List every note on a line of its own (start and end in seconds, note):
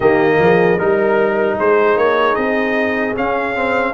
0.00 0.37 D#3
0.00 0.78 A#3
0.00 0.36 G4
0.00 0.78 D#5
0.39 0.79 F3
0.39 0.79 G#4
0.78 1.59 G3
0.78 3.15 D#4
0.78 1.57 A#4
1.57 1.96 G#3
1.57 3.94 G#4
1.57 1.98 C5
1.96 2.36 A#3
1.96 2.35 C#5
2.35 3.16 C4
2.35 3.14 D#5
3.16 3.55 C#4
3.16 3.94 C#4
3.16 3.94 F5
3.55 3.94 C4